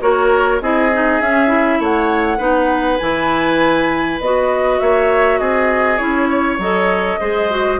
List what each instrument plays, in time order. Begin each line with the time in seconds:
0.00 bassoon A#3, clarinet F#4, oboe A#4, flute C#5
0.60 bassoon C4, clarinet E4, oboe G#4, flute D#5
0.92 clarinet D#4
1.20 bassoon C#4, clarinet C#4, flute E5
1.47 clarinet E4
1.79 bassoon A3, oboe C#5, flute F#5
2.37 bassoon B3, clarinet D#4, oboe B4
2.98 bassoon E3, clarinet E4, flute G#5
4.20 bassoon B3, clarinet F#4, flute D#5
4.79 bassoon A#3, oboe C#5, flute E5
5.38 bassoon C4, oboe G#4, flute D#5
5.97 bassoon C#4, clarinet E4, flute C#5
6.29 oboe C#5
6.58 bassoon F#3, clarinet A4, flute D#5
7.20 bassoon G#3, clarinet G#4, oboe C5
7.50 clarinet F#4